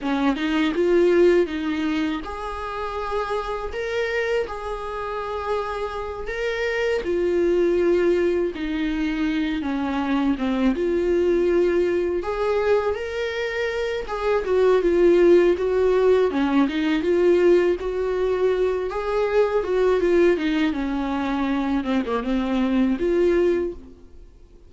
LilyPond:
\new Staff \with { instrumentName = "viola" } { \time 4/4 \tempo 4 = 81 cis'8 dis'8 f'4 dis'4 gis'4~ | gis'4 ais'4 gis'2~ | gis'8 ais'4 f'2 dis'8~ | dis'4 cis'4 c'8 f'4.~ |
f'8 gis'4 ais'4. gis'8 fis'8 | f'4 fis'4 cis'8 dis'8 f'4 | fis'4. gis'4 fis'8 f'8 dis'8 | cis'4. c'16 ais16 c'4 f'4 | }